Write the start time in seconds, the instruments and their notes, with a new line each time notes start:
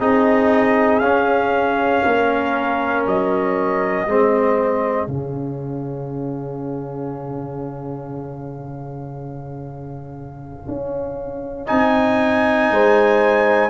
0.00 tuba C4, trombone D#4, horn G#4, trumpet D#5
1.00 tuba C#4, trombone C#4, trumpet F5
2.05 tuba A#3, horn A#4
3.07 tuba F#3, trumpet D#5
4.06 tuba G#3, trombone C4, horn G#4
5.07 tuba C#3, trombone C#4, trumpet F5
10.68 tuba C#4
11.67 tuba C4, trombone D#4, trumpet G#5
12.71 tuba G#3, horn C5